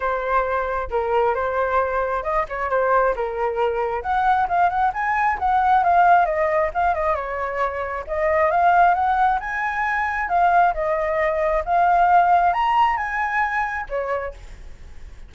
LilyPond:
\new Staff \with { instrumentName = "flute" } { \time 4/4 \tempo 4 = 134 c''2 ais'4 c''4~ | c''4 dis''8 cis''8 c''4 ais'4~ | ais'4 fis''4 f''8 fis''8 gis''4 | fis''4 f''4 dis''4 f''8 dis''8 |
cis''2 dis''4 f''4 | fis''4 gis''2 f''4 | dis''2 f''2 | ais''4 gis''2 cis''4 | }